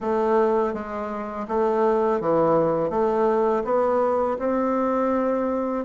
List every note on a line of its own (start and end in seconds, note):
0.00 0.73 A3
0.73 1.46 G#3
1.47 2.20 A3
2.20 2.89 E3
2.89 3.63 A3
3.64 4.37 B3
4.38 5.84 C4